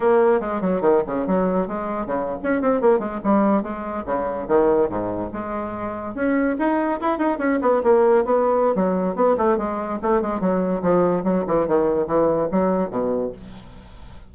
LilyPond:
\new Staff \with { instrumentName = "bassoon" } { \time 4/4 \tempo 4 = 144 ais4 gis8 fis8 dis8 cis8 fis4 | gis4 cis8. cis'8 c'8 ais8 gis8 g16~ | g8. gis4 cis4 dis4 gis,16~ | gis,8. gis2 cis'4 dis'16~ |
dis'8. e'8 dis'8 cis'8 b8 ais4 b16~ | b4 fis4 b8 a8 gis4 | a8 gis8 fis4 f4 fis8 e8 | dis4 e4 fis4 b,4 | }